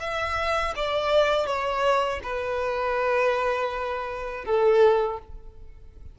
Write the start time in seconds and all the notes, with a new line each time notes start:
0.00 E5
0.76 D5
1.46 C#5
2.24 B4
4.45 A4